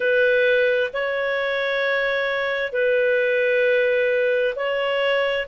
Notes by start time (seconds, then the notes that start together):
0.00 B4
0.93 C#5
2.72 B4
4.55 C#5